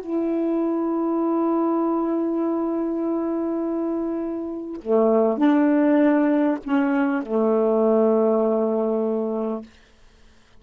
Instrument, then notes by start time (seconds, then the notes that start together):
saxophone
0.00 E4
4.81 A3
5.37 D4
6.63 C#4
7.22 A3